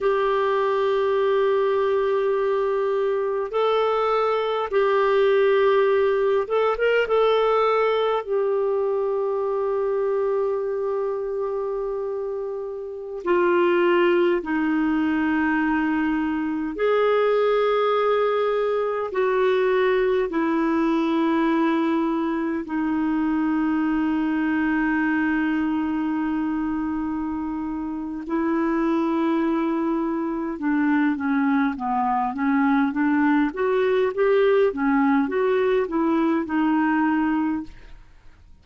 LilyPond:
\new Staff \with { instrumentName = "clarinet" } { \time 4/4 \tempo 4 = 51 g'2. a'4 | g'4. a'16 ais'16 a'4 g'4~ | g'2.~ g'16 f'8.~ | f'16 dis'2 gis'4.~ gis'16~ |
gis'16 fis'4 e'2 dis'8.~ | dis'1 | e'2 d'8 cis'8 b8 cis'8 | d'8 fis'8 g'8 cis'8 fis'8 e'8 dis'4 | }